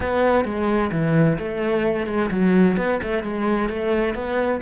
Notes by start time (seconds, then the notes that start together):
0.00 B3
0.44 G#3
0.91 E3
1.38 A3
2.06 G#3
2.31 F#3
2.77 B3
3.03 A3
3.23 G#3
3.69 A3
4.14 B3